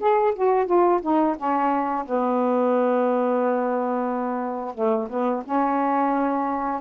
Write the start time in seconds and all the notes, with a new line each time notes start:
0.00 G#4
0.35 F#4
0.66 F4
1.02 D#4
1.37 C#4
2.06 B3
4.75 A3
5.10 B3
5.45 C#4